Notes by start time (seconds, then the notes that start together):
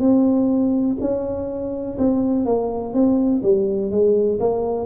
0.00 C4
1.01 C#4
1.98 C4
2.46 A#3
2.94 C4
3.43 G3
3.91 G#3
4.40 A#3